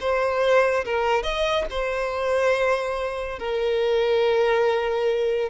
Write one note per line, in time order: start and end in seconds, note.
0.00 0.85 C5
0.85 1.23 A#4
1.23 1.65 D#5
1.70 3.39 C5
3.39 5.49 A#4